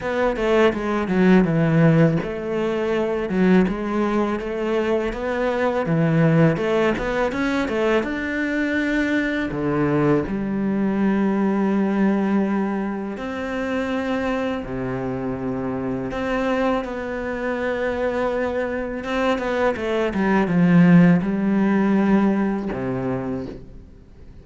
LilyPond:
\new Staff \with { instrumentName = "cello" } { \time 4/4 \tempo 4 = 82 b8 a8 gis8 fis8 e4 a4~ | a8 fis8 gis4 a4 b4 | e4 a8 b8 cis'8 a8 d'4~ | d'4 d4 g2~ |
g2 c'2 | c2 c'4 b4~ | b2 c'8 b8 a8 g8 | f4 g2 c4 | }